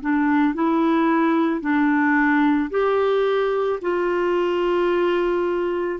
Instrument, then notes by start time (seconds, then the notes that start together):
clarinet
0.00 D4
0.54 E4
1.60 D4
2.70 G4
3.81 F4